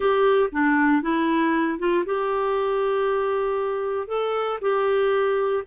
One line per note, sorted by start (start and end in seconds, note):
0.00 0.49 G4
0.52 1.01 D4
1.01 1.78 E4
1.78 2.04 F4
2.05 4.07 G4
4.07 4.59 A4
4.61 5.63 G4